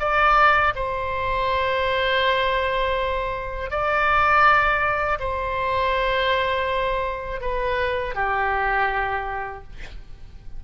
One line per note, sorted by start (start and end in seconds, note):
0.00 0.74 D5
0.75 3.70 C5
3.70 5.19 D5
5.20 7.41 C5
7.41 8.15 B4
8.15 9.63 G4